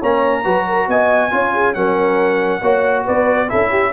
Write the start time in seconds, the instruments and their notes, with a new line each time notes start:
0.00 tuba A#3, trombone C#4, horn C#5, trumpet A#5
0.43 tuba F#3, trombone F#4, horn B4
0.67 horn A#4
0.87 tuba B3, horn D#5, trumpet G#5
1.31 tuba C#4, trombone F4, horn C#5
1.54 horn G#4
1.73 tuba F#3, trombone C#4, horn A#4, trumpet F#5
2.61 tuba A#3, trombone F#4, horn C#5
3.04 tuba B3, horn B4, trumpet D5
3.48 tuba C#4, trombone E4, horn A4, trumpet E5
3.70 horn G4